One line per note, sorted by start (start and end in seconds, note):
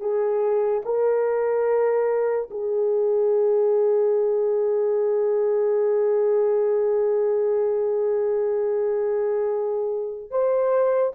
0.00 0.82 G#4
0.85 2.49 A#4
2.51 10.30 G#4
10.30 11.13 C5